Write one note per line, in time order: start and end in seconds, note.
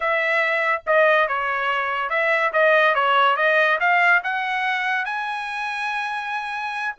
0.00 0.82 E5
0.86 1.28 D#5
1.28 2.09 C#5
2.09 2.52 E5
2.52 2.94 D#5
2.94 3.36 C#5
3.36 3.78 D#5
3.80 4.22 F5
4.23 5.05 F#5
5.05 6.95 G#5